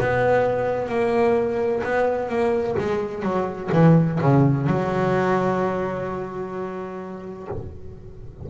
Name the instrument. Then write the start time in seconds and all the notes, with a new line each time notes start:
double bass
0.00 B3
0.88 A#3
1.83 B3
2.28 A#3
2.78 G#3
3.23 F#3
3.72 E3
4.20 C#3
4.67 F#3